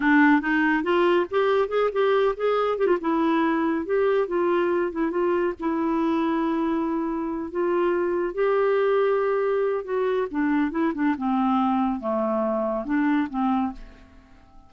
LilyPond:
\new Staff \with { instrumentName = "clarinet" } { \time 4/4 \tempo 4 = 140 d'4 dis'4 f'4 g'4 | gis'8 g'4 gis'4 g'16 f'16 e'4~ | e'4 g'4 f'4. e'8 | f'4 e'2.~ |
e'4. f'2 g'8~ | g'2. fis'4 | d'4 e'8 d'8 c'2 | a2 d'4 c'4 | }